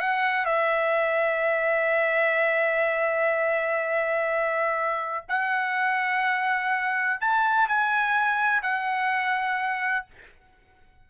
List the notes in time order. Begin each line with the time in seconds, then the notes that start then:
0.00 F#5
0.45 E5
5.28 F#5
7.20 A5
7.68 G#5
8.62 F#5